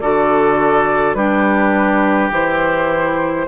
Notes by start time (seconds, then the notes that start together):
0.00 D3 F#4 A4 D5
1.14 G3 D4 G4 B4
2.31 E3 E4 C5